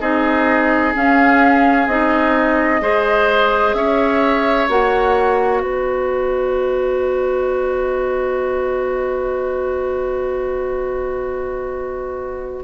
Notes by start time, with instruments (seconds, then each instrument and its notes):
0.00 bassoon C4, clarinet D#4, oboe G#4, flute D#5
0.94 clarinet C#4, bassoon C#4, flute F5
1.87 bassoon C4, clarinet D#4, flute D#5
2.81 bassoon G#3, clarinet G#4, oboe C5
3.74 bassoon C#4, oboe C#5, flute E5
4.69 bassoon A#3, clarinet F#4, flute F#5
5.61 bassoon B3, oboe B4, flute D#5